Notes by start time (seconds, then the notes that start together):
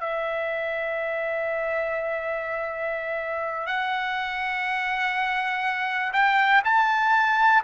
0.00 E5
3.66 F#5
6.13 G5
6.64 A5